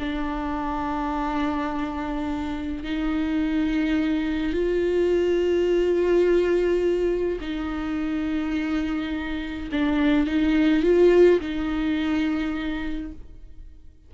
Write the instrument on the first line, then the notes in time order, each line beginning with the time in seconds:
viola
0.00 D4
2.84 D#4
4.54 F4
7.41 D#4
9.72 D4
10.27 D#4
10.83 F4
11.41 D#4